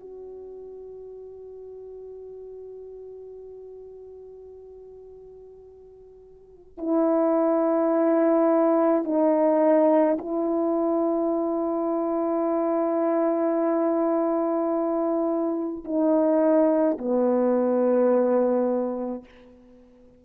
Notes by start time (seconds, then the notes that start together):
0.00 F#4
6.78 E4
9.04 D#4
10.18 E4
15.84 D#4
16.98 B3